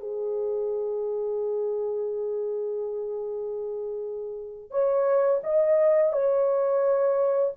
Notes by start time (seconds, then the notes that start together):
0.00 G#4
4.71 C#5
5.43 D#5
6.12 C#5